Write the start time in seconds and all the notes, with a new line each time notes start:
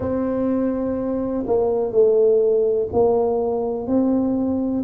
0.00 C4
1.46 A#3
1.91 A3
2.92 A#3
3.87 C4